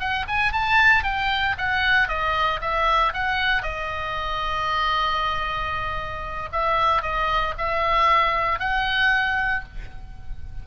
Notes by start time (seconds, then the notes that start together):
0.00 F#5
0.28 G#5
0.52 A5
1.04 G5
1.58 F#5
2.08 D#5
2.61 E5
3.14 F#5
3.63 D#5
6.52 E5
7.02 D#5
7.58 E5
8.60 F#5